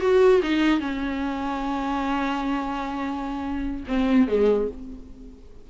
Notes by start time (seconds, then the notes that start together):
0.00 F#4
0.42 D#4
0.79 C#4
3.87 C4
4.27 G#3